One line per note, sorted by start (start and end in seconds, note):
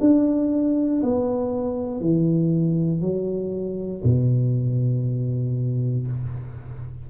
0.00 1.02 D4
1.02 2.01 B3
2.01 3.00 E3
3.00 4.02 F#3
4.04 6.07 B2